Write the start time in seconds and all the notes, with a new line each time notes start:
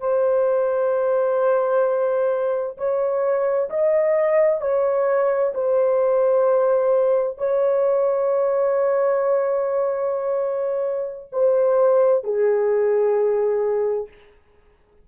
0.00 C5
2.77 C#5
3.70 D#5
4.61 C#5
5.54 C5
7.38 C#5
11.32 C5
12.24 G#4